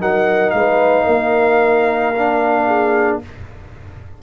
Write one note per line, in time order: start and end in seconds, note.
0.00 0.54 F#3
0.00 2.14 D#4
0.00 0.54 A#4
0.00 0.50 F#5
0.50 1.06 G#3
0.50 1.05 B4
0.50 3.18 F5
1.05 3.21 A#3
1.05 2.66 A#4
2.15 3.23 D4
2.67 3.20 G#4